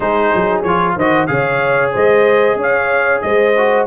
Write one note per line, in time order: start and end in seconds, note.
0.00 0.32 G#3
0.00 0.64 D#4
0.00 0.95 G#4
0.00 0.61 C5
0.34 0.64 F#3
0.62 0.96 F3
0.62 0.99 F4
0.62 0.95 C#5
0.95 1.28 D#3
0.95 1.27 F#4
0.95 1.27 C5
0.95 1.26 D#5
1.26 1.93 C#3
1.26 3.53 G#4
1.26 1.92 C#5
1.26 1.91 F5
1.92 2.55 G#3
1.92 2.57 C5
1.92 2.60 D#5
2.55 3.20 C#4
2.55 3.22 C#5
2.62 3.21 F5
3.21 3.86 G#3
3.21 3.86 C5
3.21 3.86 D#5
3.57 3.86 F#4